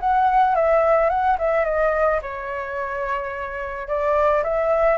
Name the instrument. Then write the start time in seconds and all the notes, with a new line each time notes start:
flute
0.00 F#5
0.55 E5
1.10 F#5
1.39 E5
1.65 D#5
2.22 C#5
3.88 D5
4.43 E5